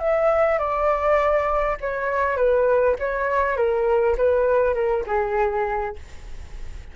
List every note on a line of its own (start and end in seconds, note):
0.00 0.59 E5
0.59 1.78 D5
1.81 2.37 C#5
2.37 2.96 B4
2.99 3.57 C#5
3.57 4.17 A#4
4.18 4.75 B4
4.75 5.04 A#4
5.07 5.96 G#4